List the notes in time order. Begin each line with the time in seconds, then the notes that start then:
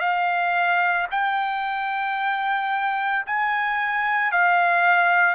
0.00 F5
1.12 G5
3.26 G#5
4.32 F5